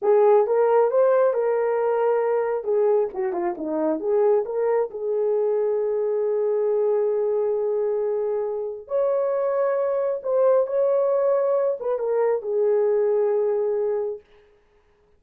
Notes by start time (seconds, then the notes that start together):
0.02 G#4
0.47 A#4
0.90 C5
1.33 A#4
2.63 G#4
3.13 F#4
3.32 F4
3.57 D#4
4.00 G#4
4.45 A#4
4.90 G#4
8.87 C#5
10.22 C5
10.66 C#5
11.80 B4
11.98 A#4
12.42 G#4